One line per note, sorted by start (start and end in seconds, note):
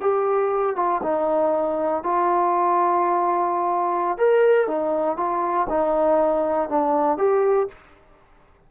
0.00 0.76 G4
0.76 1.01 F4
1.03 2.03 D#4
2.03 4.17 F4
4.17 4.67 A#4
4.67 5.17 D#4
5.17 5.67 F4
5.69 6.69 D#4
6.69 7.17 D4
7.17 7.68 G4